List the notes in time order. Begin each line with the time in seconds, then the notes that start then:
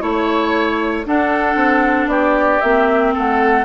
0.00 A3 E4 C#5
1.05 D4 A4 F#5
1.55 C4
2.07 B3 G4 D5
2.60 A#3 C4 E5
3.14 A3 A4 F#5